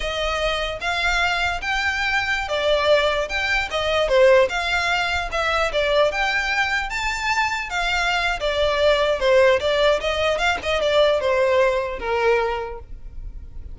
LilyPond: \new Staff \with { instrumentName = "violin" } { \time 4/4 \tempo 4 = 150 dis''2 f''2 | g''2~ g''16 d''4.~ d''16~ | d''16 g''4 dis''4 c''4 f''8.~ | f''4~ f''16 e''4 d''4 g''8.~ |
g''4~ g''16 a''2 f''8.~ | f''4 d''2 c''4 | d''4 dis''4 f''8 dis''8 d''4 | c''2 ais'2 | }